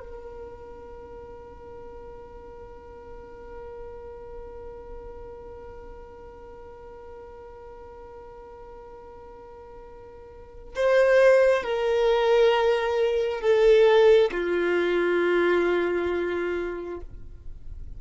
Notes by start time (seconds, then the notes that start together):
0.00 A#4
10.75 C5
11.63 A#4
13.41 A4
14.32 F4